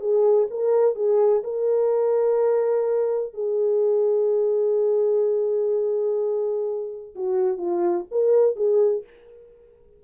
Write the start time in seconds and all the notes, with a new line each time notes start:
0.00 G#4
0.51 A#4
0.95 G#4
1.44 A#4
3.34 G#4
7.15 F#4
7.58 F4
8.11 A#4
8.56 G#4